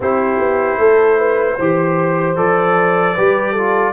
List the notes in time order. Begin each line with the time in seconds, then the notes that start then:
0.00 C4 E4 G4 C5
0.38 B3
0.78 A3 A4
1.18 B4
1.57 E3 G4 C5
2.36 F3 A4 D5
3.14 G3 G4 B4
3.52 F4 A4